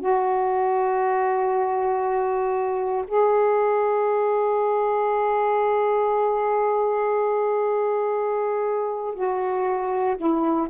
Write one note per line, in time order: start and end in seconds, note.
0.00 3.05 F#4
3.08 9.15 G#4
9.15 10.16 F#4
10.17 10.68 E4